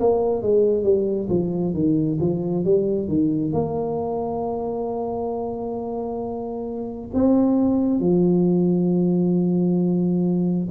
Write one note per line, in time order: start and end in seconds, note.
0.00 0.42 A#3
0.42 0.83 G#3
0.83 1.28 G3
1.29 1.74 F3
1.74 2.19 D#3
2.21 2.65 F3
2.65 3.08 G3
3.08 3.53 D#3
3.53 7.11 A#3
7.14 8.00 C4
8.00 10.69 F3